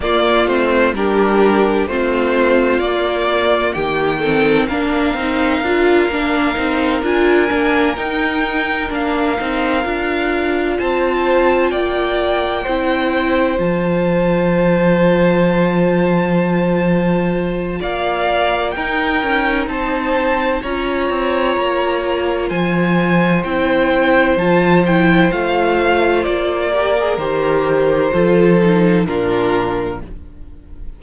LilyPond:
<<
  \new Staff \with { instrumentName = "violin" } { \time 4/4 \tempo 4 = 64 d''8 c''8 ais'4 c''4 d''4 | g''4 f''2~ f''8 gis''8~ | gis''8 g''4 f''2 a''8~ | a''8 g''2 a''4.~ |
a''2. f''4 | g''4 a''4 ais''2 | gis''4 g''4 a''8 g''8 f''4 | d''4 c''2 ais'4 | }
  \new Staff \with { instrumentName = "violin" } { \time 4/4 f'4 g'4 f'2 | g'8 a'8 ais'2.~ | ais'2.~ ais'8 c''8~ | c''8 d''4 c''2~ c''8~ |
c''2. d''4 | ais'4 c''4 cis''2 | c''1~ | c''8 ais'4. a'4 f'4 | }
  \new Staff \with { instrumentName = "viola" } { \time 4/4 ais8 c'8 d'4 c'4 ais4~ | ais8 c'8 d'8 dis'8 f'8 d'8 dis'8 f'8 | d'8 dis'4 d'8 dis'8 f'4.~ | f'4. e'4 f'4.~ |
f'1 | dis'2 f'2~ | f'4 e'4 f'8 e'8 f'4~ | f'8 g'16 gis'16 g'4 f'8 dis'8 d'4 | }
  \new Staff \with { instrumentName = "cello" } { \time 4/4 ais8 a8 g4 a4 ais4 | dis4 ais8 c'8 d'8 ais8 c'8 d'8 | ais8 dis'4 ais8 c'8 d'4 c'8~ | c'8 ais4 c'4 f4.~ |
f2. ais4 | dis'8 cis'8 c'4 cis'8 c'8 ais4 | f4 c'4 f4 a4 | ais4 dis4 f4 ais,4 | }
>>